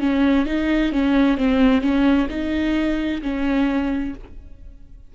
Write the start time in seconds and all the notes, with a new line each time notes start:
0.00 C#4
0.46 D#4
0.92 C#4
1.37 C4
1.81 C#4
2.29 D#4
3.22 C#4